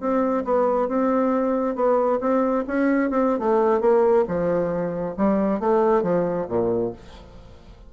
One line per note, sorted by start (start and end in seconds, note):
0.00 0.44 C4
0.44 0.88 B3
0.88 1.75 C4
1.75 2.19 B3
2.20 2.64 C4
2.68 3.10 C#4
3.10 3.39 C4
3.39 3.81 A3
3.81 4.24 A#3
4.28 5.15 F3
5.17 5.60 G3
5.60 6.03 A3
6.03 6.46 F3
6.49 6.93 A#2